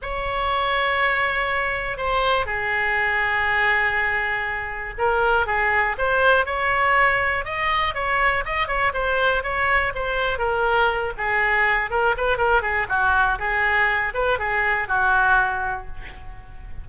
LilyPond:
\new Staff \with { instrumentName = "oboe" } { \time 4/4 \tempo 4 = 121 cis''1 | c''4 gis'2.~ | gis'2 ais'4 gis'4 | c''4 cis''2 dis''4 |
cis''4 dis''8 cis''8 c''4 cis''4 | c''4 ais'4. gis'4. | ais'8 b'8 ais'8 gis'8 fis'4 gis'4~ | gis'8 b'8 gis'4 fis'2 | }